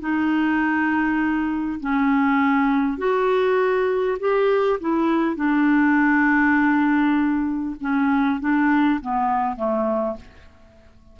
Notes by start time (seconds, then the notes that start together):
0.00 D#4
1.81 C#4
2.98 F#4
4.20 G4
4.80 E4
5.36 D4
7.81 C#4
8.41 D4
9.01 B3
9.57 A3